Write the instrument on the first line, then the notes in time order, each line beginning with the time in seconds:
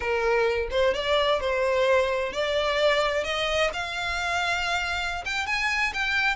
violin
0.00 A#4
0.70 C5
0.93 D5
1.40 C5
2.33 D5
3.23 D#5
3.73 F5
5.25 G5
5.46 G#5
5.93 G5